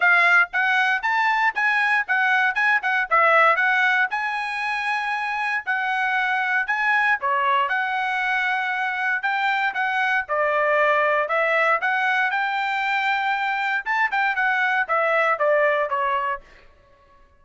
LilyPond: \new Staff \with { instrumentName = "trumpet" } { \time 4/4 \tempo 4 = 117 f''4 fis''4 a''4 gis''4 | fis''4 gis''8 fis''8 e''4 fis''4 | gis''2. fis''4~ | fis''4 gis''4 cis''4 fis''4~ |
fis''2 g''4 fis''4 | d''2 e''4 fis''4 | g''2. a''8 g''8 | fis''4 e''4 d''4 cis''4 | }